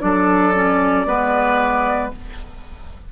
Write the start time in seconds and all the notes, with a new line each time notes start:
0.00 F#3 D4 A4 D5
0.54 C#4
1.05 G#3 B3 B4